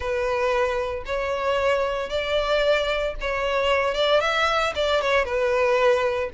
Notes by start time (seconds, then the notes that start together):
0.00 B4
1.05 C#5
2.09 D5
3.21 C#5
3.94 D5
4.20 E5
4.75 D5
5.01 C#5
5.24 B4